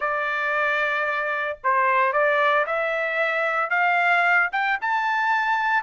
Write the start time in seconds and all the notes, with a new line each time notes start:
0.00 D5
1.63 C5
2.12 D5
2.66 E5
3.70 F5
4.52 G5
4.81 A5